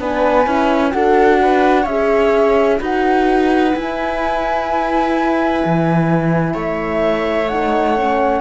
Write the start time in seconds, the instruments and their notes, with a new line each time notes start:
0.00 cello B3, horn D4, viola B4, flute G#5
0.45 cello C#4, horn E4
0.91 cello D4, horn F#4, viola A4, flute F#5
1.42 viola B4
1.83 cello C#4, horn G#4, viola C#5, flute E5
2.80 cello D#4, horn F#4, viola B4, flute F#5
3.72 horn E4, cello E4, flute G#5
5.66 cello E3
6.54 cello A3, viola C#5, flute E5
7.49 horn D#4, flute F#5
7.96 horn C#4